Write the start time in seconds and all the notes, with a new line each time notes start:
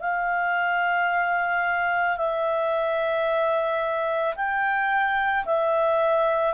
0.00 F5
2.17 E5
4.36 G5
5.45 E5